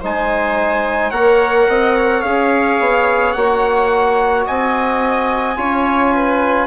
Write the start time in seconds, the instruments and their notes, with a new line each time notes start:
0.00 bassoon G#3, trombone D#4, viola C5, trumpet G#5
1.11 bassoon A#3, trombone A#4, viola C#5, trumpet F#5
1.69 bassoon C4, viola D#5
1.97 viola C#5
2.22 bassoon C#4, trombone G#4, trumpet F5
2.80 bassoon B3
3.32 bassoon A#3, trombone F#4, trumpet F#5
4.46 bassoon C4, viola D#5, trumpet G#5
5.57 bassoon C#4, trombone F4, viola C#5
6.14 viola B4